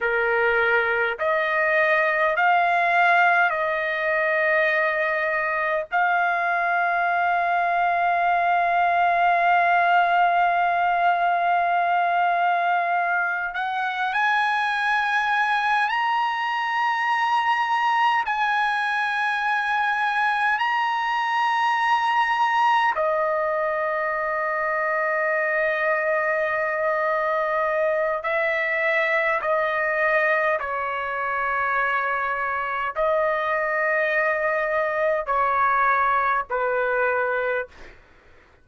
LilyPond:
\new Staff \with { instrumentName = "trumpet" } { \time 4/4 \tempo 4 = 51 ais'4 dis''4 f''4 dis''4~ | dis''4 f''2.~ | f''2.~ f''8 fis''8 | gis''4. ais''2 gis''8~ |
gis''4. ais''2 dis''8~ | dis''1 | e''4 dis''4 cis''2 | dis''2 cis''4 b'4 | }